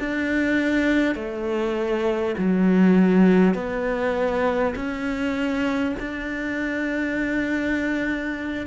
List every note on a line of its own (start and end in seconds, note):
0.00 1.16 D4
1.16 2.36 A3
2.38 3.55 F#3
3.55 4.75 B3
4.76 5.96 C#4
6.00 8.67 D4